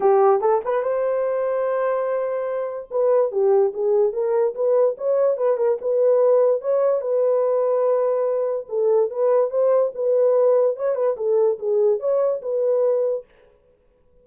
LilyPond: \new Staff \with { instrumentName = "horn" } { \time 4/4 \tempo 4 = 145 g'4 a'8 b'8 c''2~ | c''2. b'4 | g'4 gis'4 ais'4 b'4 | cis''4 b'8 ais'8 b'2 |
cis''4 b'2.~ | b'4 a'4 b'4 c''4 | b'2 cis''8 b'8 a'4 | gis'4 cis''4 b'2 | }